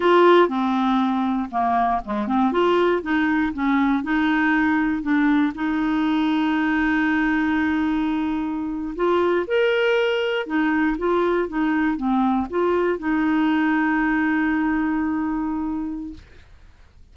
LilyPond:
\new Staff \with { instrumentName = "clarinet" } { \time 4/4 \tempo 4 = 119 f'4 c'2 ais4 | gis8 c'8 f'4 dis'4 cis'4 | dis'2 d'4 dis'4~ | dis'1~ |
dis'4.~ dis'16 f'4 ais'4~ ais'16~ | ais'8. dis'4 f'4 dis'4 c'16~ | c'8. f'4 dis'2~ dis'16~ | dis'1 | }